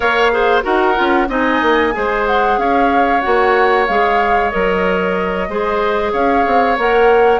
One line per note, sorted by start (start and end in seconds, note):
0.00 0.63 A#3
0.00 0.30 A#4
0.00 0.31 C#5
0.00 0.62 F5
0.31 0.62 G#4
0.31 0.63 C5
0.62 0.97 D#4
0.62 0.94 F#4
0.62 1.28 A#4
0.62 1.29 F#5
0.95 1.28 C#4
0.95 1.27 F4
1.28 1.61 C4
1.28 1.92 D#4
1.28 1.93 D#5
1.28 2.26 G#5
1.61 1.93 A#3
1.92 2.57 G#3
1.92 3.21 G#4
1.92 2.59 C5
2.26 2.58 F#5
2.57 3.22 C#4
2.57 5.49 C#5
2.57 3.21 F5
3.21 3.88 A#3
3.21 3.86 F#4
3.21 3.85 F#5
3.86 4.53 G#3
3.86 4.51 G#4
3.86 4.50 F5
4.50 5.48 F#3
4.50 5.48 A#4
4.50 6.11 D#5
5.48 6.12 G#3
5.48 6.77 G#4
5.48 6.12 C5
6.12 6.45 C#4
6.12 7.40 C#5
6.12 6.77 F5
6.46 6.77 C4
6.77 7.40 A#3
6.77 7.40 A#4
6.77 7.40 F#5